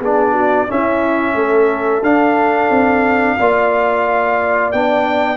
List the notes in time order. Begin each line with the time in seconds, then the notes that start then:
0.00 B3 D4 G#4 D5
0.33 F#4
0.68 C#4 E4 E5
1.34 A3 A4
2.02 D4 F5
2.70 C4
3.39 A#3 F4 D5
4.72 B3 D4 G5